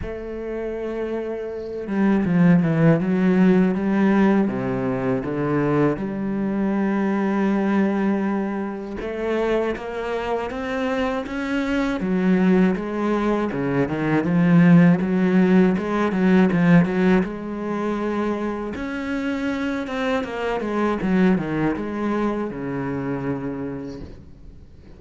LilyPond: \new Staff \with { instrumentName = "cello" } { \time 4/4 \tempo 4 = 80 a2~ a8 g8 f8 e8 | fis4 g4 c4 d4 | g1 | a4 ais4 c'4 cis'4 |
fis4 gis4 cis8 dis8 f4 | fis4 gis8 fis8 f8 fis8 gis4~ | gis4 cis'4. c'8 ais8 gis8 | fis8 dis8 gis4 cis2 | }